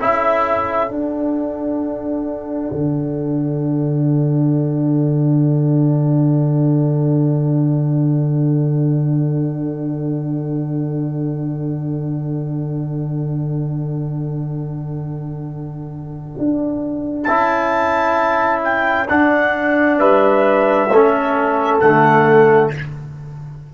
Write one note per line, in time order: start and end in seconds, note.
0.00 0.90 C#4
0.00 0.89 E4
0.00 19.98 A4
0.00 0.93 E5
0.89 17.25 D4
0.89 2.71 D4
0.89 17.24 F#5
2.72 16.35 D3
16.38 17.28 D4
17.24 19.10 C#4
17.24 19.08 E4
17.24 18.60 A5
18.65 19.08 G5
19.08 20.90 D4
19.08 20.00 D4
19.08 19.99 F#5
19.98 20.89 G3
19.98 20.89 B4
19.98 21.80 E5
20.89 21.80 A3
20.89 21.82 C#4
20.89 22.74 A4
21.80 22.72 D3
21.80 22.73 A3
21.80 22.71 F#5